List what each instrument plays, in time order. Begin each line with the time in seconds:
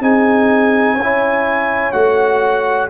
0.00 tuba C4, trombone D#4, horn G#4, trumpet G#5
0.94 tuba C#4, horn C#5
1.03 trombone E4
1.92 tuba A3, trombone F#4, trumpet F#5